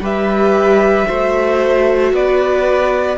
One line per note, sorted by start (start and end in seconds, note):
0.00 1.05 G3
0.00 1.05 G4
0.00 1.07 B4
0.00 2.15 E5
1.05 2.12 A3
1.05 3.15 F#4
1.05 2.12 C5
2.12 3.17 B3
2.12 3.18 B4
2.12 3.18 D5